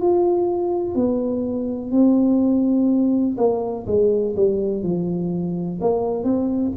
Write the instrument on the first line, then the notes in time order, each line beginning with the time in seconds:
tuba
0.00 F4
0.95 B3
1.91 C4
3.37 A#3
3.86 G#3
4.35 G3
4.83 F3
5.81 A#3
6.23 C4